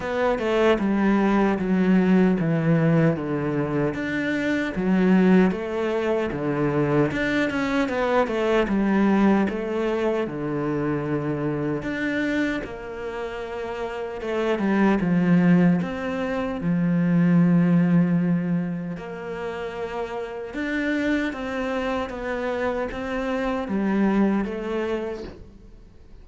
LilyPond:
\new Staff \with { instrumentName = "cello" } { \time 4/4 \tempo 4 = 76 b8 a8 g4 fis4 e4 | d4 d'4 fis4 a4 | d4 d'8 cis'8 b8 a8 g4 | a4 d2 d'4 |
ais2 a8 g8 f4 | c'4 f2. | ais2 d'4 c'4 | b4 c'4 g4 a4 | }